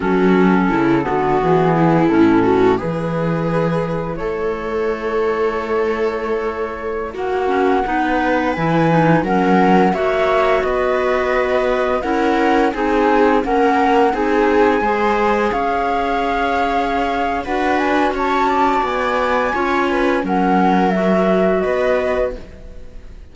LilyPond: <<
  \new Staff \with { instrumentName = "flute" } { \time 4/4 \tempo 4 = 86 a'2 gis'4 a'4 | b'2 cis''2~ | cis''2~ cis''16 fis''4.~ fis''16~ | fis''16 gis''4 fis''4 e''4 dis''8.~ |
dis''4~ dis''16 fis''4 gis''4 fis''8.~ | fis''16 gis''2 f''4.~ f''16~ | f''4 fis''8 gis''8 a''4 gis''4~ | gis''4 fis''4 e''4 dis''4 | }
  \new Staff \with { instrumentName = "viola" } { \time 4/4 fis'4 e'8 fis'4 e'4 fis'8 | gis'2 a'2~ | a'2~ a'16 fis'4 b'8.~ | b'4~ b'16 ais'4 cis''4 b'8.~ |
b'4~ b'16 ais'4 gis'4 ais'8.~ | ais'16 gis'4 c''4 cis''4.~ cis''16~ | cis''4 b'4 cis''8 d''4. | cis''8 b'8 ais'2 b'4 | }
  \new Staff \with { instrumentName = "clarinet" } { \time 4/4 cis'4. b4. cis'4 | e'1~ | e'2~ e'8. cis'8 dis'8.~ | dis'16 e'8 dis'8 cis'4 fis'4.~ fis'16~ |
fis'4~ fis'16 e'4 dis'4 cis'8.~ | cis'16 dis'4 gis'2~ gis'8.~ | gis'4 fis'2. | f'4 cis'4 fis'2 | }
  \new Staff \with { instrumentName = "cello" } { \time 4/4 fis4 cis8 d8 e4 a,4 | e2 a2~ | a2~ a16 ais4 b8.~ | b16 e4 fis4 ais4 b8.~ |
b4~ b16 cis'4 c'4 ais8.~ | ais16 c'4 gis4 cis'4.~ cis'16~ | cis'4 d'4 cis'4 b4 | cis'4 fis2 b4 | }
>>